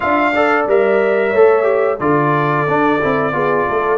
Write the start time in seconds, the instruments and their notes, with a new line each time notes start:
0.00 tuba D4, trombone F4, horn E5, trumpet F5
0.34 trombone A4, horn D5
0.66 tuba G3, trombone A#4, trumpet E5
1.30 tuba A3, trombone A4, horn C#5
1.63 trombone G4
1.99 tuba D3, trombone F4, horn A4, trumpet D5
2.67 trombone D4, tuba D4
3.01 tuba C4, trombone E4
3.32 tuba B3, trombone F4, horn G#4
3.67 tuba A3, horn A4